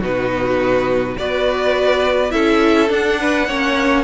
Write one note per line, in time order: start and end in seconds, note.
0.00 1.16 B2
0.00 1.17 D#4
0.00 1.15 F#4
0.00 1.18 B4
1.18 2.33 B3
1.18 2.30 F#4
1.18 2.33 B4
1.18 2.31 D5
2.30 2.90 C#4
2.30 2.88 E4
2.30 3.19 A4
2.30 2.89 E5
2.88 3.46 D4
2.88 3.47 D4
2.88 4.04 F#5
3.20 3.48 B4
3.47 4.04 A#3
3.47 4.04 C#4
3.47 4.04 C#5